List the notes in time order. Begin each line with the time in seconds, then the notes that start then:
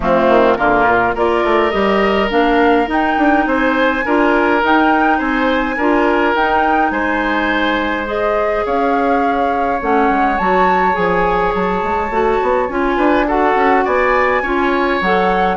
0.00 F3 A3 C4 F4
0.28 D#3
0.56 D3 A#3 F4 A#4
0.87 A#2
1.15 A#3 F4 A#4 D5
1.44 A3
1.71 G3 G4 D#5
2.29 A#3 D4 F5
2.86 D#4 G5
3.17 D4
3.46 C4 C5 G#5
4.05 D4 F4 A#4
4.61 D#4 G5
5.18 C4 C5 G#5
5.77 D4 F4 A#4
6.34 D#4 G5
6.90 G#3 C5 G#5
8.05 G#4 D#5
8.65 C#4 C#5 F5
9.81 A3 C#4 F#5
10.09 G#3
10.37 F#3 F#4 A5
10.92 F3 G#4 G#5
11.54 F#3 A5
11.83 G#3
12.10 A3 F#4
12.42 B3
12.68 C#4 F4 G#5
12.97 D4 B4
13.27 F#4 A4 F#5
13.55 C#4
13.84 B3 D5 G#5
14.42 C#4 F4 C#5
15.01 F#3 A4 F#5